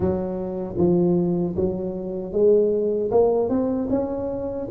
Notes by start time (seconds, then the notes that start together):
0.00 F#3
0.77 F3
1.56 F#3
2.32 G#3
3.11 A#3
3.49 C4
3.90 C#4